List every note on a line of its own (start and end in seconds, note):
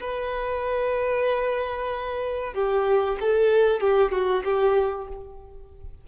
0.00 2.54 B4
2.54 3.17 G4
3.20 3.80 A4
3.80 4.11 G4
4.11 4.43 F#4
4.44 5.08 G4